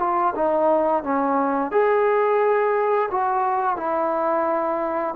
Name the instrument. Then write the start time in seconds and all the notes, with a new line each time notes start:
trombone
0.00 F4
0.35 D#4
1.04 C#4
1.72 G#4
3.11 F#4
3.77 E4